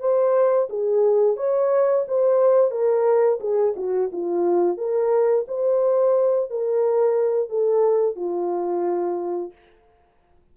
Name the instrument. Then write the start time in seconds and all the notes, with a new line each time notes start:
horn
0.00 C5
0.70 G#4
1.37 C#5
2.08 C5
2.71 A#4
3.41 G#4
3.76 F#4
4.12 F4
4.78 A#4
5.48 C5
6.51 A#4
7.50 A4
8.16 F4